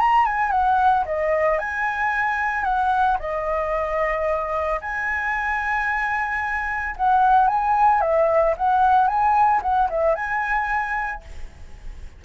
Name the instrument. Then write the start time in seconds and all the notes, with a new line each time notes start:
flute
0.00 A#5
0.26 G#5
0.51 F#5
1.06 D#5
1.59 G#5
2.64 F#5
3.19 D#5
4.81 G#5
6.97 F#5
7.48 G#5
8.01 E5
8.57 F#5
9.07 G#5
9.62 F#5
9.90 E5
10.15 G#5